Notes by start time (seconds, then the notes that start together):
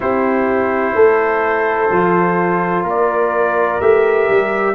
0.00 C4 E4 G4 C5
0.94 A3 A4
1.90 F3 F4
2.84 A#3 A#4 D5
3.80 A3 G4 E5
4.29 G3